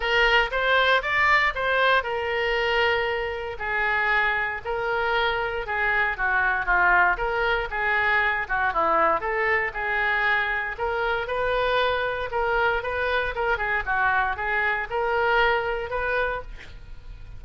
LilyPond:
\new Staff \with { instrumentName = "oboe" } { \time 4/4 \tempo 4 = 117 ais'4 c''4 d''4 c''4 | ais'2. gis'4~ | gis'4 ais'2 gis'4 | fis'4 f'4 ais'4 gis'4~ |
gis'8 fis'8 e'4 a'4 gis'4~ | gis'4 ais'4 b'2 | ais'4 b'4 ais'8 gis'8 fis'4 | gis'4 ais'2 b'4 | }